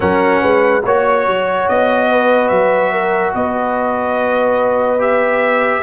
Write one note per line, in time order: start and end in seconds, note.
0.00 0.43 F#3
0.00 0.82 C#4
0.00 0.41 A#4
0.00 0.84 F#5
0.41 0.84 G#3
0.41 0.83 B4
0.85 1.26 A#3
0.85 4.98 F#4
0.85 2.09 C#5
0.85 1.68 C#5
1.26 1.68 F#3
1.68 2.51 B3
1.68 2.48 D#5
2.09 2.92 B4
2.48 3.34 F#3
2.48 3.31 E5
2.92 3.34 A#4
3.34 5.82 B3
3.34 5.82 B4
3.34 5.01 D#5
4.98 5.82 G4
4.98 5.82 E5